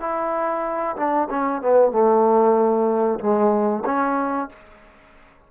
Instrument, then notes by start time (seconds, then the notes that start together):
trombone
0.00 E4
0.96 D4
1.30 C#4
1.61 B3
1.91 A3
3.20 G#3
3.85 C#4